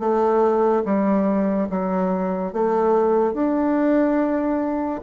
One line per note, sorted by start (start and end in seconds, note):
0.00 0.83 A3
0.86 1.69 G3
1.70 2.53 F#3
2.53 3.34 A3
3.34 5.01 D4